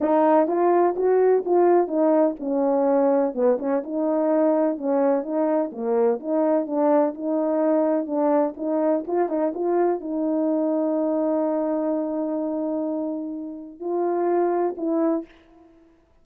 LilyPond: \new Staff \with { instrumentName = "horn" } { \time 4/4 \tempo 4 = 126 dis'4 f'4 fis'4 f'4 | dis'4 cis'2 b8 cis'8 | dis'2 cis'4 dis'4 | ais4 dis'4 d'4 dis'4~ |
dis'4 d'4 dis'4 f'8 dis'8 | f'4 dis'2.~ | dis'1~ | dis'4 f'2 e'4 | }